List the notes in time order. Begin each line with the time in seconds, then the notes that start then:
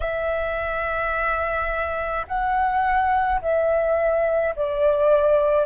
0.00 E5
2.27 F#5
3.41 E5
4.55 D5